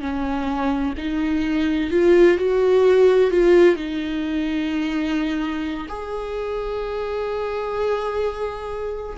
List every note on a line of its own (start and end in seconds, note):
0.00 0.94 C#4
0.98 1.90 D#4
1.90 2.37 F4
2.37 3.31 F#4
3.31 3.76 F4
3.76 5.87 D#4
5.88 9.17 G#4